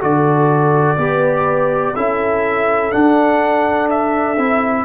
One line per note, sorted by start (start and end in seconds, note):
0.00 0.97 D3
0.00 0.97 F#4
0.00 0.98 A4
0.00 1.95 D5
0.97 1.94 B3
0.97 1.94 G4
0.97 1.95 B4
1.95 2.93 C#4
1.95 2.91 E4
1.95 4.85 A4
1.95 2.92 E5
2.91 4.36 D4
2.91 4.37 D4
2.91 3.88 F#5
3.90 4.85 E5
4.37 4.85 C4
4.37 4.85 E4